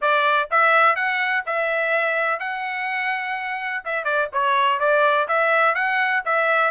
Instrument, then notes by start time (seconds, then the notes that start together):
trumpet
0.01 D5
0.51 E5
0.95 F#5
1.46 E5
2.39 F#5
3.84 E5
4.04 D5
4.32 C#5
4.79 D5
5.28 E5
5.74 F#5
6.25 E5